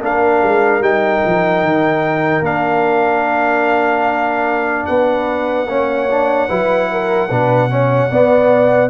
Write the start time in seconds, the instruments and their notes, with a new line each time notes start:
0.00 tuba A#3, trombone D4, horn A#4, trumpet F5
0.43 tuba G#3
0.80 tuba G3, trombone D#4, trumpet G5
1.25 tuba F3
1.62 tuba D#3
2.41 tuba A#3, trombone D4, trumpet F5
4.86 tuba B3, horn B4, trumpet F#5
5.66 tuba A#3, trombone C#4, horn C#5
6.10 trombone D4
6.48 tuba F#3, trombone E4, horn B4
6.91 horn A#4
7.30 tuba B2, trombone D4, horn B4
7.69 trombone C#4, horn C#5
8.11 tuba B3, trombone B3, horn D5